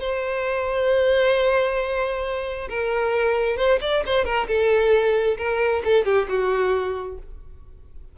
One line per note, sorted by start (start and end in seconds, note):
0.00 2.69 C5
2.69 3.57 A#4
3.57 3.80 C5
3.81 4.03 D5
4.06 4.25 C5
4.25 4.48 A#4
4.48 5.38 A4
5.38 5.82 A#4
5.85 6.05 A4
6.05 6.28 G4
6.29 7.18 F#4